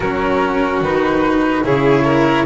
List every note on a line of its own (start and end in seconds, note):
0.00 0.80 F#3
0.00 0.84 C#4
0.00 1.64 F#4
0.00 0.81 A#4
0.80 1.62 D#3
0.80 1.64 D#4
0.80 1.65 B4
1.64 2.46 C#3
1.64 2.46 E4
1.64 2.04 G#4
1.64 2.46 C#5
2.04 2.45 A#4